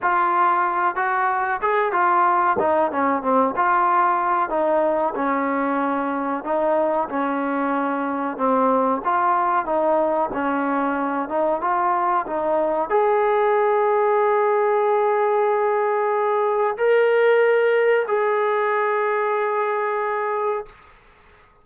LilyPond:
\new Staff \with { instrumentName = "trombone" } { \time 4/4 \tempo 4 = 93 f'4. fis'4 gis'8 f'4 | dis'8 cis'8 c'8 f'4. dis'4 | cis'2 dis'4 cis'4~ | cis'4 c'4 f'4 dis'4 |
cis'4. dis'8 f'4 dis'4 | gis'1~ | gis'2 ais'2 | gis'1 | }